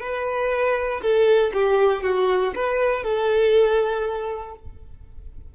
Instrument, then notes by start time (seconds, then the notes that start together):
violin
0.00 B4
1.01 A4
1.53 G4
2.02 F#4
2.55 B4
3.03 A4